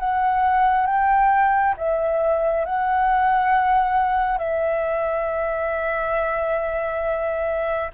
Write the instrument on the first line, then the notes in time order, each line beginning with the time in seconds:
flute
0.00 F#5
0.87 G5
1.77 E5
2.66 F#5
4.38 E5